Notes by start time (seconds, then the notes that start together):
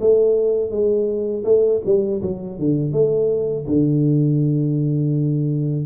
0.00 A3
0.71 G#3
1.44 A3
1.85 G3
2.22 F#3
2.58 D3
2.92 A3
3.67 D3